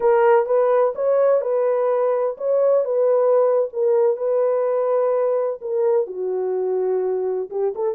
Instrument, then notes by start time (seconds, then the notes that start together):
horn
0.00 A#4
0.45 B4
0.95 C#5
1.41 B4
2.37 C#5
2.84 B4
3.72 A#4
4.16 B4
5.61 A#4
6.06 F#4
7.50 G4
7.75 A4